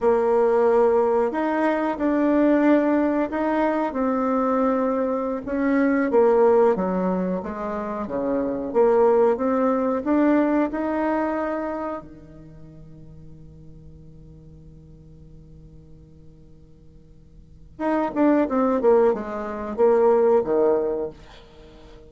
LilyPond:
\new Staff \with { instrumentName = "bassoon" } { \time 4/4 \tempo 4 = 91 ais2 dis'4 d'4~ | d'4 dis'4 c'2~ | c'16 cis'4 ais4 fis4 gis8.~ | gis16 cis4 ais4 c'4 d'8.~ |
d'16 dis'2 dis4.~ dis16~ | dis1~ | dis2. dis'8 d'8 | c'8 ais8 gis4 ais4 dis4 | }